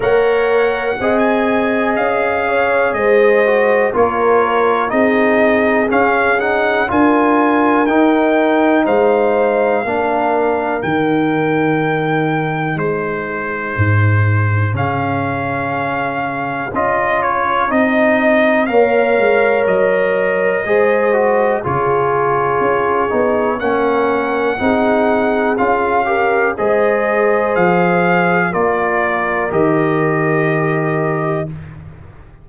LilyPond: <<
  \new Staff \with { instrumentName = "trumpet" } { \time 4/4 \tempo 4 = 61 fis''4~ fis''16 gis''8. f''4 dis''4 | cis''4 dis''4 f''8 fis''8 gis''4 | g''4 f''2 g''4~ | g''4 c''2 f''4~ |
f''4 dis''8 cis''8 dis''4 f''4 | dis''2 cis''2 | fis''2 f''4 dis''4 | f''4 d''4 dis''2 | }
  \new Staff \with { instrumentName = "horn" } { \time 4/4 cis''4 dis''4. cis''8 c''4 | ais'4 gis'2 ais'4~ | ais'4 c''4 ais'2~ | ais'4 gis'2.~ |
gis'2. cis''4~ | cis''4 c''4 gis'2 | ais'4 gis'4. ais'8 c''4~ | c''4 ais'2. | }
  \new Staff \with { instrumentName = "trombone" } { \time 4/4 ais'4 gis'2~ gis'8 fis'8 | f'4 dis'4 cis'8 dis'8 f'4 | dis'2 d'4 dis'4~ | dis'2. cis'4~ |
cis'4 f'4 dis'4 ais'4~ | ais'4 gis'8 fis'8 f'4. dis'8 | cis'4 dis'4 f'8 g'8 gis'4~ | gis'4 f'4 g'2 | }
  \new Staff \with { instrumentName = "tuba" } { \time 4/4 ais4 c'4 cis'4 gis4 | ais4 c'4 cis'4 d'4 | dis'4 gis4 ais4 dis4~ | dis4 gis4 gis,4 cis4~ |
cis4 cis'4 c'4 ais8 gis8 | fis4 gis4 cis4 cis'8 b8 | ais4 c'4 cis'4 gis4 | f4 ais4 dis2 | }
>>